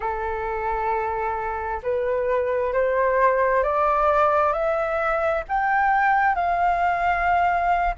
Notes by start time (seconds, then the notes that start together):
0.00 A4
1.83 B4
2.73 C5
3.63 D5
4.52 E5
5.48 G5
6.35 F5